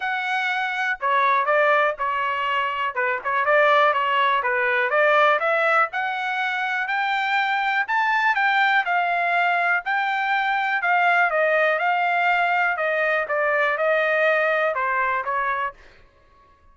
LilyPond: \new Staff \with { instrumentName = "trumpet" } { \time 4/4 \tempo 4 = 122 fis''2 cis''4 d''4 | cis''2 b'8 cis''8 d''4 | cis''4 b'4 d''4 e''4 | fis''2 g''2 |
a''4 g''4 f''2 | g''2 f''4 dis''4 | f''2 dis''4 d''4 | dis''2 c''4 cis''4 | }